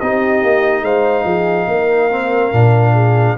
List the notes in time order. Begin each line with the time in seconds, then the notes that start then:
0.00 C4 D#4 G4 D#5
0.43 A#3
0.82 G#3 C5 F5
1.24 F3 G#4
1.67 A#3 A#4
2.11 C4
2.52 A#2 D4
2.93 G#4